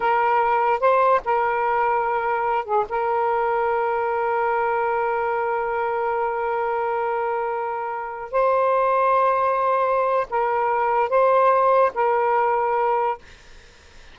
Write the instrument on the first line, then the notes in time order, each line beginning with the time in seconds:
saxophone
0.00 A#4
0.79 C5
1.24 A#4
2.65 G#4
2.89 A#4
8.31 C5
10.29 A#4
11.09 C5
11.94 A#4